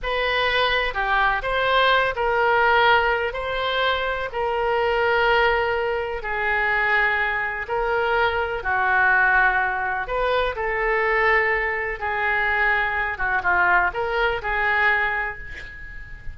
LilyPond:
\new Staff \with { instrumentName = "oboe" } { \time 4/4 \tempo 4 = 125 b'2 g'4 c''4~ | c''8 ais'2~ ais'8 c''4~ | c''4 ais'2.~ | ais'4 gis'2. |
ais'2 fis'2~ | fis'4 b'4 a'2~ | a'4 gis'2~ gis'8 fis'8 | f'4 ais'4 gis'2 | }